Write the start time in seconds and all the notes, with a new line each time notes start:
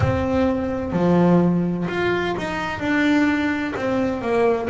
0.00 C4
0.92 F3
1.88 F4
2.38 D#4
2.79 D4
3.75 C4
4.21 A#3